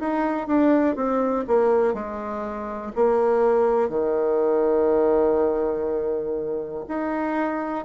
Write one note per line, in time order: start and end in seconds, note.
0.00 0.47 D#4
0.47 0.96 D4
0.96 1.45 C4
1.48 1.94 A#3
1.94 2.93 G#3
2.96 3.89 A#3
3.89 6.85 D#3
6.89 7.86 D#4